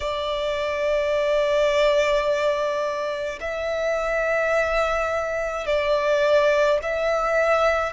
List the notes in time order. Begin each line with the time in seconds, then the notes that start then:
0.00 D5
3.40 E5
5.66 D5
6.82 E5